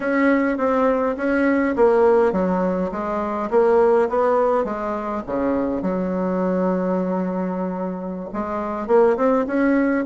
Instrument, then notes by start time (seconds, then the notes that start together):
bassoon
0.00 C#4
0.57 C4
1.17 C#4
1.76 A#3
2.32 F#3
2.91 G#3
3.50 A#3
4.09 B3
4.64 G#3
5.26 C#3
5.81 F#3
8.33 G#3
8.87 A#3
9.16 C4
9.46 C#4